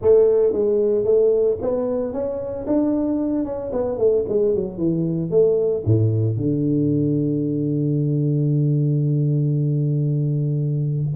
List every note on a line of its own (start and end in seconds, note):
0.01 0.52 A3
0.52 1.04 G#3
1.04 1.57 A3
1.61 2.12 B3
2.12 2.65 C#4
2.66 3.44 D4
3.44 3.71 C#4
3.72 3.98 B3
3.98 4.24 A3
4.28 4.54 G#3
4.54 4.77 F#3
4.77 5.30 E3
5.30 5.83 A3
5.85 6.36 A2
6.36 11.14 D3